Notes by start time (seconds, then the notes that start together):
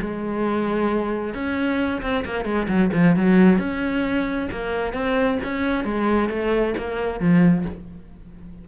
0.00 G#3
1.34 C#4
2.02 C4
2.25 A#3
2.45 G#3
2.68 F#3
2.93 F3
3.16 F#3
3.58 C#4
4.51 A#3
4.93 C4
5.44 C#4
5.84 G#3
6.29 A3
6.78 A#3
7.20 F3